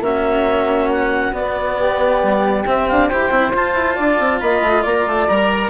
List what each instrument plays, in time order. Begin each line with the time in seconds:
0.00 bassoon A#3, cello C#4, flute F#4, clarinet E5
0.92 clarinet F#5
1.32 cello B3, bassoon B3, clarinet D5
1.79 flute G4
2.23 bassoon G3
2.65 bassoon C4, cello C4, clarinet E5
2.89 bassoon D4, clarinet F5
3.08 bassoon E4, cello G4, flute C5, clarinet G5
3.30 bassoon C4, cello E4
3.53 bassoon F4, cello F4, clarinet A5
3.73 bassoon E4
3.95 bassoon D4, flute D5
4.19 bassoon C4
4.40 bassoon A#3, flute D#5, clarinet B5
4.62 bassoon A3
4.83 bassoon A#3, flute D5, clarinet A#5
5.06 bassoon A3, clarinet A5
5.28 bassoon G3, cello A#4, clarinet A#5